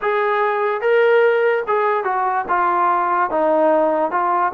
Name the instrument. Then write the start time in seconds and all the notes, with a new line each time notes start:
trombone
0.01 G#4
0.81 A#4
1.67 G#4
2.04 F#4
2.48 F4
3.30 D#4
4.11 F4